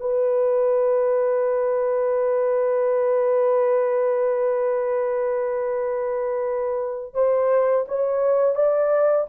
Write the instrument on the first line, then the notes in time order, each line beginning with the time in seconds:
horn
0.00 B4
7.14 C5
7.88 C#5
8.55 D5